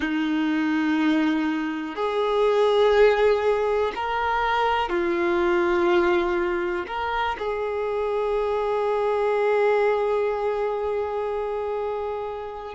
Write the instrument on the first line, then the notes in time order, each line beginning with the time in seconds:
violin
0.00 D#4
1.95 G#4
3.95 A#4
4.89 F4
6.87 A#4
7.38 G#4